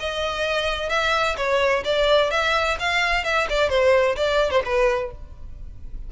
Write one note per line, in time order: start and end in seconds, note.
0.00 0.90 D#5
0.90 1.36 E5
1.37 1.84 C#5
1.85 2.31 D5
2.31 2.78 E5
2.80 3.25 F5
3.25 3.48 E5
3.50 3.70 D5
3.70 4.16 C5
4.16 4.51 D5
4.51 4.62 C5
4.65 5.12 B4